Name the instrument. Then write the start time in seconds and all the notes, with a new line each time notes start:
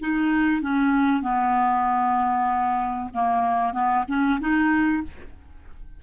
clarinet
0.00 D#4
0.62 C#4
1.22 B3
3.14 A#3
3.73 B3
4.08 C#4
4.40 D#4